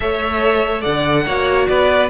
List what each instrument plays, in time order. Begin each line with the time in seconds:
0.00 cello A3, viola A4, violin C#5 E5
0.81 cello D3, violin D5 F#5
1.26 cello A#3, viola F#4, violin C#5
1.67 cello B3, violin B4 D5